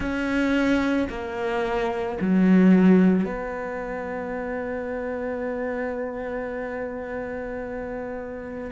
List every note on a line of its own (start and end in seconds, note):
0.00 1.08 C#4
1.09 2.18 A#3
2.21 3.24 F#3
3.24 8.70 B3